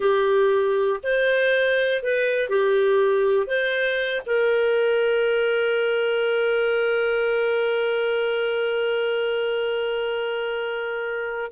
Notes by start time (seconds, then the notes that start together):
0.00 G4
1.03 C5
2.02 B4
2.49 G4
3.46 C5
4.26 A#4